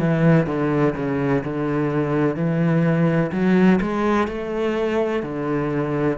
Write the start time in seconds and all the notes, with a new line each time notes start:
0.00 E3
0.47 D3
0.96 C#3
1.44 D3
2.36 E3
3.32 F#3
3.82 G#3
4.28 A3
5.23 D3